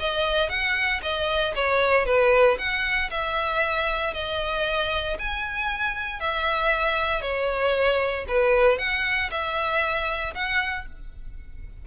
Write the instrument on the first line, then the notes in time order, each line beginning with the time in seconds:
violin
0.00 D#5
0.50 F#5
1.03 D#5
1.56 C#5
2.06 B4
2.59 F#5
3.11 E5
4.14 D#5
5.19 G#5
6.20 E5
7.22 C#5
8.29 B4
8.79 F#5
9.31 E5
10.35 F#5